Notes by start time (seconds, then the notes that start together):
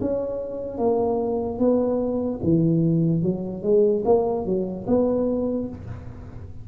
0.00 C#4
0.77 A#3
1.58 B3
2.43 E3
3.22 F#3
3.63 G#3
4.05 A#3
4.45 F#3
4.87 B3